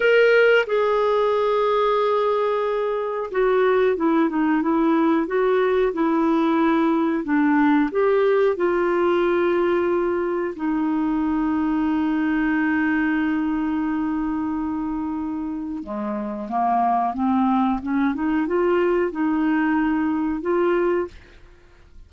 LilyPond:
\new Staff \with { instrumentName = "clarinet" } { \time 4/4 \tempo 4 = 91 ais'4 gis'2.~ | gis'4 fis'4 e'8 dis'8 e'4 | fis'4 e'2 d'4 | g'4 f'2. |
dis'1~ | dis'1 | gis4 ais4 c'4 cis'8 dis'8 | f'4 dis'2 f'4 | }